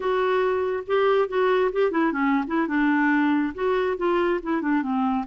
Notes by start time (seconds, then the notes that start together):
0.00 F#4
0.86 G4
1.28 F#4
1.72 G4
1.91 E4
2.12 C#4
2.47 E4
2.67 D4
3.54 F#4
3.97 F4
4.42 E4
4.61 D4
4.82 C4